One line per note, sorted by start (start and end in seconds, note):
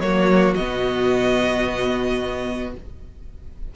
0.00 0.55 F#3
0.00 0.57 A#3
0.00 2.74 F#4
0.00 0.54 C#5
0.55 2.74 B2
0.55 2.75 B3
0.55 2.71 D#5